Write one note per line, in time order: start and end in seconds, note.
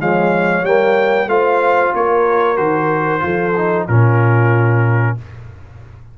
0.00 0.63 F3
0.00 0.65 G#3
0.00 1.30 C#5
0.00 0.65 F5
0.63 1.26 G3
0.63 1.29 A#3
0.63 1.29 G5
1.26 1.91 A3
1.26 2.56 F4
1.26 1.94 C5
1.26 1.94 F5
1.94 2.58 A#3
1.94 3.23 A#4
1.94 2.57 C#5
2.56 3.23 D#3
2.56 3.20 F#4
2.56 3.86 C5
3.20 3.88 F3
3.20 3.52 F4
3.20 3.87 A4
3.57 3.89 D#4
3.87 5.17 A#2
3.87 5.18 C#4
3.87 5.16 F4
3.87 5.17 A#4